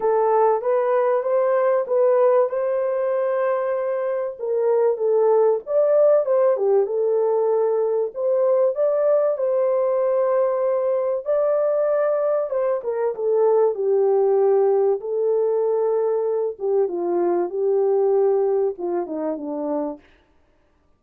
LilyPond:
\new Staff \with { instrumentName = "horn" } { \time 4/4 \tempo 4 = 96 a'4 b'4 c''4 b'4 | c''2. ais'4 | a'4 d''4 c''8 g'8 a'4~ | a'4 c''4 d''4 c''4~ |
c''2 d''2 | c''8 ais'8 a'4 g'2 | a'2~ a'8 g'8 f'4 | g'2 f'8 dis'8 d'4 | }